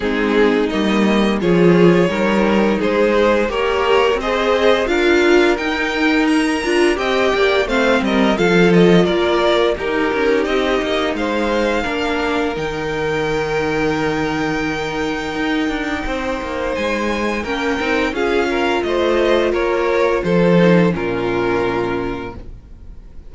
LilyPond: <<
  \new Staff \with { instrumentName = "violin" } { \time 4/4 \tempo 4 = 86 gis'4 dis''4 cis''2 | c''4 ais'4 dis''4 f''4 | g''4 ais''4 g''4 f''8 dis''8 | f''8 dis''8 d''4 ais'4 dis''4 |
f''2 g''2~ | g''1 | gis''4 g''4 f''4 dis''4 | cis''4 c''4 ais'2 | }
  \new Staff \with { instrumentName = "violin" } { \time 4/4 dis'2 gis'4 ais'4 | gis'4 cis''4 c''4 ais'4~ | ais'2 dis''8 d''8 c''8 ais'8 | a'4 ais'4 g'2 |
c''4 ais'2.~ | ais'2. c''4~ | c''4 ais'4 gis'8 ais'8 c''4 | ais'4 a'4 f'2 | }
  \new Staff \with { instrumentName = "viola" } { \time 4/4 c'4 ais4 f'4 dis'4~ | dis'4 g'4 gis'4 f'4 | dis'4. f'8 g'4 c'4 | f'2 dis'2~ |
dis'4 d'4 dis'2~ | dis'1~ | dis'4 cis'8 dis'8 f'2~ | f'4. dis'8 cis'2 | }
  \new Staff \with { instrumentName = "cello" } { \time 4/4 gis4 g4 f4 g4 | gis4 ais4 c'4 d'4 | dis'4. d'8 c'8 ais8 a8 g8 | f4 ais4 dis'8 cis'8 c'8 ais8 |
gis4 ais4 dis2~ | dis2 dis'8 d'8 c'8 ais8 | gis4 ais8 c'8 cis'4 a4 | ais4 f4 ais,2 | }
>>